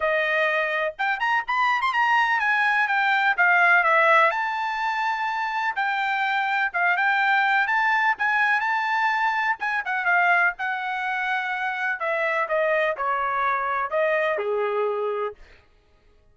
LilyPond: \new Staff \with { instrumentName = "trumpet" } { \time 4/4 \tempo 4 = 125 dis''2 g''8 ais''8 b''8. c'''16 | ais''4 gis''4 g''4 f''4 | e''4 a''2. | g''2 f''8 g''4. |
a''4 gis''4 a''2 | gis''8 fis''8 f''4 fis''2~ | fis''4 e''4 dis''4 cis''4~ | cis''4 dis''4 gis'2 | }